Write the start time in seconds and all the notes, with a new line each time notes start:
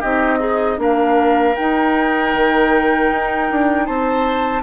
0.00 C4 D#4 G4 D#5
0.38 D#4 G#4
0.78 A#3 D4 A#4 F5
1.56 D#4 G5
2.34 D#3
3.12 D#4
3.51 D4
3.86 C4 C5 A5